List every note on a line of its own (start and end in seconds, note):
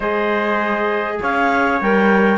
0.00 1.19 G#3
0.00 1.81 G#4
0.00 1.17 C5
0.00 1.19 D#5
1.21 1.81 C#4
1.21 2.37 C#5
1.21 1.81 F5
1.81 2.37 G3
1.81 2.37 A#4
1.81 2.37 G5